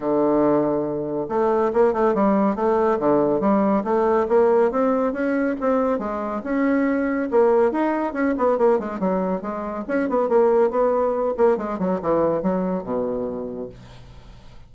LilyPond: \new Staff \with { instrumentName = "bassoon" } { \time 4/4 \tempo 4 = 140 d2. a4 | ais8 a8 g4 a4 d4 | g4 a4 ais4 c'4 | cis'4 c'4 gis4 cis'4~ |
cis'4 ais4 dis'4 cis'8 b8 | ais8 gis8 fis4 gis4 cis'8 b8 | ais4 b4. ais8 gis8 fis8 | e4 fis4 b,2 | }